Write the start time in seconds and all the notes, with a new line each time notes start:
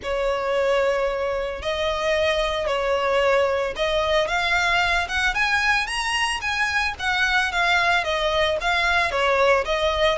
0.02 C#5
1.62 D#5
2.66 C#5
3.75 D#5
4.27 F5
5.08 F#5
5.34 G#5
5.86 A#5
6.41 G#5
6.99 F#5
7.51 F5
8.04 D#5
8.60 F5
9.11 C#5
9.65 D#5